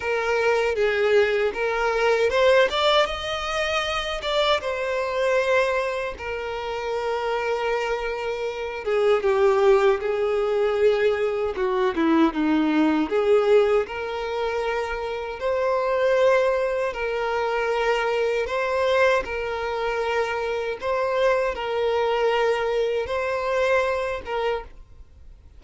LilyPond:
\new Staff \with { instrumentName = "violin" } { \time 4/4 \tempo 4 = 78 ais'4 gis'4 ais'4 c''8 d''8 | dis''4. d''8 c''2 | ais'2.~ ais'8 gis'8 | g'4 gis'2 fis'8 e'8 |
dis'4 gis'4 ais'2 | c''2 ais'2 | c''4 ais'2 c''4 | ais'2 c''4. ais'8 | }